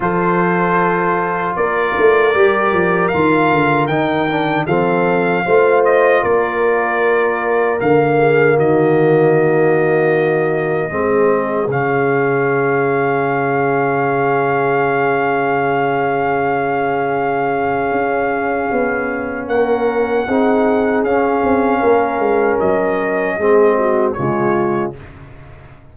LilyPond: <<
  \new Staff \with { instrumentName = "trumpet" } { \time 4/4 \tempo 4 = 77 c''2 d''2 | f''4 g''4 f''4. dis''8 | d''2 f''4 dis''4~ | dis''2. f''4~ |
f''1~ | f''1~ | f''4 fis''2 f''4~ | f''4 dis''2 cis''4 | }
  \new Staff \with { instrumentName = "horn" } { \time 4/4 a'2 ais'2~ | ais'2 a'4 c''4 | ais'2~ ais'8 gis'8 fis'4~ | fis'2 gis'2~ |
gis'1~ | gis'1~ | gis'4 ais'4 gis'2 | ais'2 gis'8 fis'8 f'4 | }
  \new Staff \with { instrumentName = "trombone" } { \time 4/4 f'2. g'4 | f'4 dis'8 d'8 c'4 f'4~ | f'2 ais2~ | ais2 c'4 cis'4~ |
cis'1~ | cis'1~ | cis'2 dis'4 cis'4~ | cis'2 c'4 gis4 | }
  \new Staff \with { instrumentName = "tuba" } { \time 4/4 f2 ais8 a8 g8 f8 | dis8 d8 dis4 f4 a4 | ais2 d4 dis4~ | dis2 gis4 cis4~ |
cis1~ | cis2. cis'4 | b4 ais4 c'4 cis'8 c'8 | ais8 gis8 fis4 gis4 cis4 | }
>>